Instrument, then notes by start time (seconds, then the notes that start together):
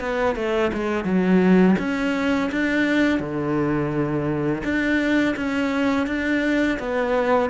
cello
0.00 B3
0.35 A3
0.73 G#3
1.04 F#3
1.79 C#4
2.51 D4
3.20 D3
4.64 D4
5.36 C#4
6.07 D4
6.79 B3